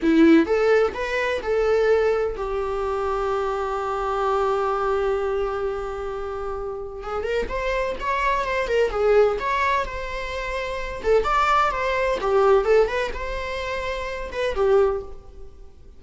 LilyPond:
\new Staff \with { instrumentName = "viola" } { \time 4/4 \tempo 4 = 128 e'4 a'4 b'4 a'4~ | a'4 g'2.~ | g'1~ | g'2. gis'8 ais'8 |
c''4 cis''4 c''8 ais'8 gis'4 | cis''4 c''2~ c''8 a'8 | d''4 c''4 g'4 a'8 b'8 | c''2~ c''8 b'8 g'4 | }